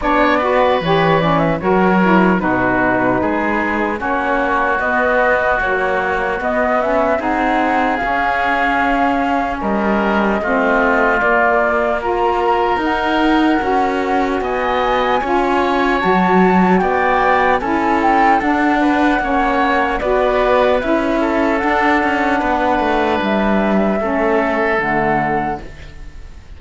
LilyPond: <<
  \new Staff \with { instrumentName = "flute" } { \time 4/4 \tempo 4 = 75 d''4 cis''8 d''16 e''16 cis''4 b'4~ | b'4 cis''4 dis''4 cis''4 | dis''8 e''8 fis''4 f''2 | dis''2 d''4 ais''4 |
fis''2 gis''2 | a''4 g''4 gis''8 g''8 fis''4~ | fis''4 d''4 e''4 fis''4~ | fis''4 e''2 fis''4 | }
  \new Staff \with { instrumentName = "oboe" } { \time 4/4 cis''8 b'4. ais'4 fis'4 | gis'4 fis'2.~ | fis'4 gis'2. | ais'4 f'2 ais'4~ |
ais'2 dis''4 cis''4~ | cis''4 d''4 a'4. b'8 | cis''4 b'4. a'4. | b'2 a'2 | }
  \new Staff \with { instrumentName = "saxophone" } { \time 4/4 d'8 fis'8 g'8 cis'8 fis'8 e'8 dis'4~ | dis'4 cis'4 b4 fis4 | b8 cis'8 dis'4 cis'2~ | cis'4 c'4 ais4 f'4 |
dis'4 fis'2 f'4 | fis'2 e'4 d'4 | cis'4 fis'4 e'4 d'4~ | d'2 cis'4 a4 | }
  \new Staff \with { instrumentName = "cello" } { \time 4/4 b4 e4 fis4 b,4 | gis4 ais4 b4 ais4 | b4 c'4 cis'2 | g4 a4 ais2 |
dis'4 cis'4 b4 cis'4 | fis4 b4 cis'4 d'4 | ais4 b4 cis'4 d'8 cis'8 | b8 a8 g4 a4 d4 | }
>>